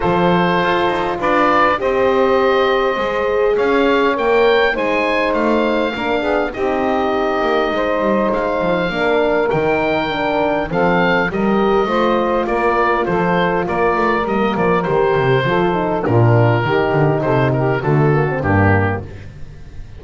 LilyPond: <<
  \new Staff \with { instrumentName = "oboe" } { \time 4/4 \tempo 4 = 101 c''2 d''4 dis''4~ | dis''2 f''4 g''4 | gis''4 f''2 dis''4~ | dis''2 f''2 |
g''2 f''4 dis''4~ | dis''4 d''4 c''4 d''4 | dis''8 d''8 c''2 ais'4~ | ais'4 c''8 ais'8 a'4 g'4 | }
  \new Staff \with { instrumentName = "saxophone" } { \time 4/4 a'2 b'4 c''4~ | c''2 cis''2 | c''2 ais'8 gis'8 g'4~ | g'4 c''2 ais'4~ |
ais'2 a'4 ais'4 | c''4 ais'4 a'4 ais'4~ | ais'2 a'4 f'4 | g'4 a'8 g'8 fis'4 d'4 | }
  \new Staff \with { instrumentName = "horn" } { \time 4/4 f'2. g'4~ | g'4 gis'2 ais'4 | dis'2 d'4 dis'4~ | dis'2. d'4 |
dis'4 d'4 c'4 g'4 | f'1 | ais4 g'4 f'8 dis'8 d'4 | dis'2 a8 ais16 c'16 ais4 | }
  \new Staff \with { instrumentName = "double bass" } { \time 4/4 f4 f'8 dis'8 d'4 c'4~ | c'4 gis4 cis'4 ais4 | gis4 a4 ais8 b8 c'4~ | c'8 ais8 gis8 g8 gis8 f8 ais4 |
dis2 f4 g4 | a4 ais4 f4 ais8 a8 | g8 f8 dis8 c8 f4 ais,4 | dis8 d8 c4 d4 g,4 | }
>>